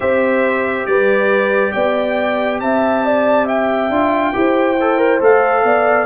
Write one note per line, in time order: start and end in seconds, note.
0.00 0.86 C4
0.00 3.90 G4
0.00 0.86 C5
0.00 0.86 E5
0.86 1.73 G3
0.86 1.72 B4
0.86 1.72 D5
1.72 2.61 B3
1.72 2.59 D5
1.72 2.59 G5
2.60 3.89 C4
2.60 3.05 E5
2.60 3.47 A5
3.05 3.45 D5
3.45 4.32 E5
3.45 5.22 G5
3.89 4.33 D4
3.89 4.33 F4
4.33 5.21 E4
4.33 4.76 G4
4.33 5.65 C5
4.80 4.97 A4
4.97 5.19 A#4
5.20 5.64 A3
5.20 6.06 A4
5.20 6.06 F5
5.64 6.06 B3
5.64 6.06 D5